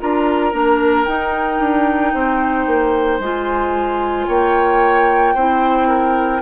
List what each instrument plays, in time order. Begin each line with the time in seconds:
0.00 bassoon D4, clarinet F4, oboe A#4, flute A#5
0.53 bassoon A#3, clarinet D4
1.05 bassoon D#4, clarinet D#4, flute G5
1.60 bassoon D4
2.14 bassoon C4, oboe C5
2.67 bassoon A#3
3.20 bassoon G#3, clarinet F4, flute G#5
4.27 bassoon A#3, oboe C#5, flute G5
5.35 bassoon C4, clarinet E4, oboe C5
5.88 oboe A#4